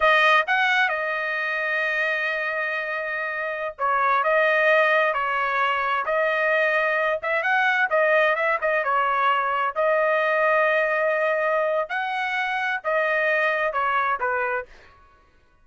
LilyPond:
\new Staff \with { instrumentName = "trumpet" } { \time 4/4 \tempo 4 = 131 dis''4 fis''4 dis''2~ | dis''1~ | dis''16 cis''4 dis''2 cis''8.~ | cis''4~ cis''16 dis''2~ dis''8 e''16~ |
e''16 fis''4 dis''4 e''8 dis''8 cis''8.~ | cis''4~ cis''16 dis''2~ dis''8.~ | dis''2 fis''2 | dis''2 cis''4 b'4 | }